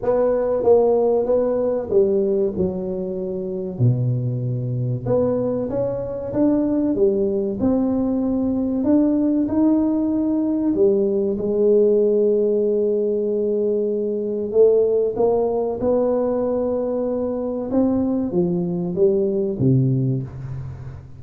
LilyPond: \new Staff \with { instrumentName = "tuba" } { \time 4/4 \tempo 4 = 95 b4 ais4 b4 g4 | fis2 b,2 | b4 cis'4 d'4 g4 | c'2 d'4 dis'4~ |
dis'4 g4 gis2~ | gis2. a4 | ais4 b2. | c'4 f4 g4 c4 | }